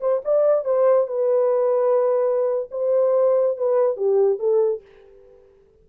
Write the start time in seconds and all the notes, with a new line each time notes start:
0.00 C5
0.24 D5
0.65 C5
1.07 B4
2.71 C5
3.57 B4
3.97 G4
4.39 A4